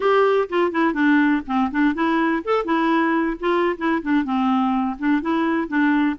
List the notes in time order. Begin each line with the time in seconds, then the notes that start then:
0.00 G4
0.49 F4
0.71 E4
0.93 D4
1.46 C4
1.71 D4
1.94 E4
2.44 A4
2.64 E4
3.40 F4
3.77 E4
4.02 D4
4.24 C4
4.98 D4
5.21 E4
5.67 D4